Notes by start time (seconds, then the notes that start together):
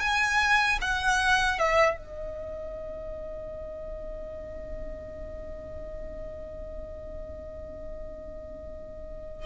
0.00 G#5
0.81 F#5
1.59 E5
1.97 D#5